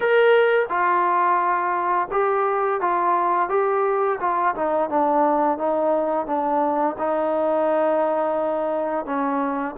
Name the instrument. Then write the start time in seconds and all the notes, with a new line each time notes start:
trombone
0.00 A#4
0.68 F4
2.11 G4
2.80 F4
3.49 G4
4.20 F4
4.55 D#4
4.89 D4
5.58 D#4
6.26 D4
6.98 D#4
9.05 C#4